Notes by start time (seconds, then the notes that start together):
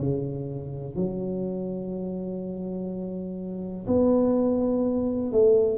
0.00 C#3
0.96 F#3
3.87 B3
5.32 A3